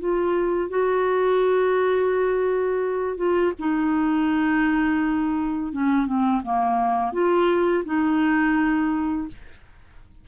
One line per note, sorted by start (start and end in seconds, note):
0.00 0.70 F4
0.70 3.18 F#4
3.18 3.53 F4
3.59 5.73 D#4
5.73 6.07 C#4
6.07 6.43 C4
6.44 7.13 A#3
7.13 7.84 F4
7.85 9.28 D#4